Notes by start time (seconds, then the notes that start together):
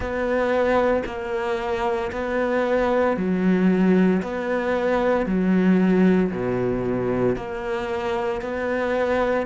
0.00 B3
1.05 A#3
2.11 B3
3.16 F#3
4.22 B3
5.26 F#3
6.31 B2
7.36 A#3
8.41 B3